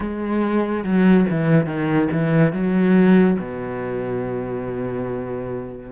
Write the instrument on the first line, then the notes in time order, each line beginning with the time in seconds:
cello
0.00 G#3
0.83 F#3
1.29 E3
1.66 D#3
2.12 E3
2.52 F#3
3.39 B2